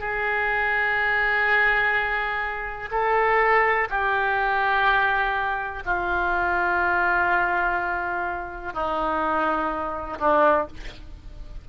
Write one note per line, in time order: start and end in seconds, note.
0.00 2.90 G#4
2.92 3.88 A4
3.90 5.84 G4
5.86 8.74 F4
8.74 10.19 D#4
10.19 10.68 D4